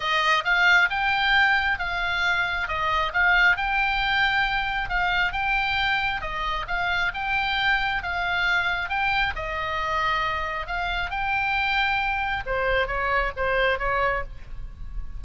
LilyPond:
\new Staff \with { instrumentName = "oboe" } { \time 4/4 \tempo 4 = 135 dis''4 f''4 g''2 | f''2 dis''4 f''4 | g''2. f''4 | g''2 dis''4 f''4 |
g''2 f''2 | g''4 dis''2. | f''4 g''2. | c''4 cis''4 c''4 cis''4 | }